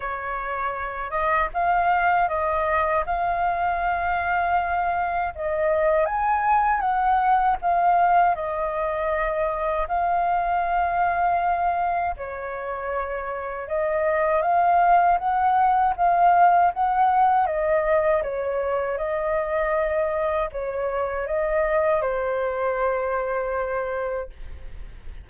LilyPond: \new Staff \with { instrumentName = "flute" } { \time 4/4 \tempo 4 = 79 cis''4. dis''8 f''4 dis''4 | f''2. dis''4 | gis''4 fis''4 f''4 dis''4~ | dis''4 f''2. |
cis''2 dis''4 f''4 | fis''4 f''4 fis''4 dis''4 | cis''4 dis''2 cis''4 | dis''4 c''2. | }